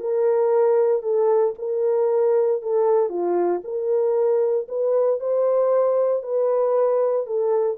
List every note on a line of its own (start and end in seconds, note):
0.00 1.03 A#4
1.03 1.54 A4
1.58 2.62 A#4
2.62 3.09 A4
3.09 3.61 F4
3.64 4.67 A#4
4.69 5.20 B4
5.20 6.23 C5
6.23 7.26 B4
7.26 7.78 A4